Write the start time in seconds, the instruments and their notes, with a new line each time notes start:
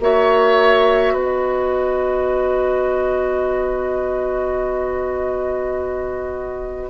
0.00 bassoon A#3, clarinet F#4, oboe C#5, flute E5
1.14 bassoon B3, oboe B4, flute D#5